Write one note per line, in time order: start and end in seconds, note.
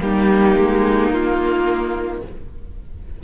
0.00 0.56 G3
0.00 2.22 A#3
0.00 2.23 D#4
0.00 1.12 G4
0.56 1.10 G#3
1.10 2.21 A#3
1.10 2.23 F4